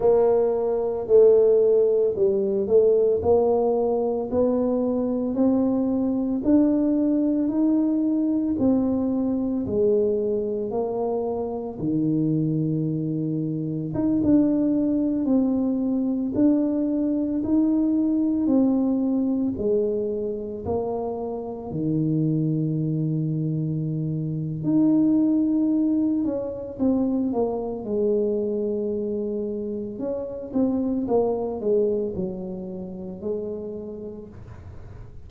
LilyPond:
\new Staff \with { instrumentName = "tuba" } { \time 4/4 \tempo 4 = 56 ais4 a4 g8 a8 ais4 | b4 c'4 d'4 dis'4 | c'4 gis4 ais4 dis4~ | dis4 dis'16 d'4 c'4 d'8.~ |
d'16 dis'4 c'4 gis4 ais8.~ | ais16 dis2~ dis8. dis'4~ | dis'8 cis'8 c'8 ais8 gis2 | cis'8 c'8 ais8 gis8 fis4 gis4 | }